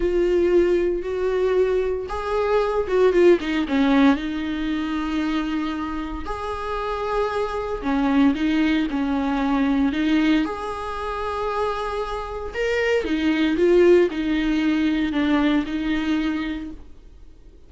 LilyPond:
\new Staff \with { instrumentName = "viola" } { \time 4/4 \tempo 4 = 115 f'2 fis'2 | gis'4. fis'8 f'8 dis'8 cis'4 | dis'1 | gis'2. cis'4 |
dis'4 cis'2 dis'4 | gis'1 | ais'4 dis'4 f'4 dis'4~ | dis'4 d'4 dis'2 | }